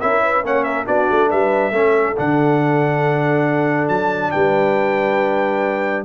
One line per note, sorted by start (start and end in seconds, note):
0.00 0.43 C#4
0.00 0.43 E4
0.00 0.22 A#4
0.00 0.43 E5
0.23 0.45 B4
0.43 0.87 A#3
0.43 0.86 C#4
0.43 0.65 C#5
0.43 0.63 F#5
0.63 0.86 A#4
0.63 0.85 E5
0.86 1.09 B3
0.86 1.72 D4
0.86 1.29 F#4
0.86 1.30 D5
1.10 1.32 A3
1.30 1.71 G3
1.30 1.73 B4
1.30 2.17 E5
1.71 2.14 A3
1.71 2.15 C#4
1.71 4.32 A4
2.16 3.89 D3
2.16 6.05 D4
2.16 3.88 F#5
3.88 4.32 F#3
3.88 4.31 A5
4.31 6.05 G3
4.31 6.05 B4
4.31 6.04 G5